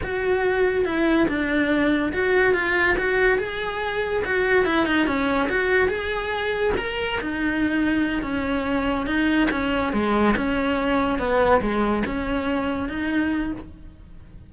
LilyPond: \new Staff \with { instrumentName = "cello" } { \time 4/4 \tempo 4 = 142 fis'2 e'4 d'4~ | d'4 fis'4 f'4 fis'4 | gis'2 fis'4 e'8 dis'8 | cis'4 fis'4 gis'2 |
ais'4 dis'2~ dis'8 cis'8~ | cis'4. dis'4 cis'4 gis8~ | gis8 cis'2 b4 gis8~ | gis8 cis'2 dis'4. | }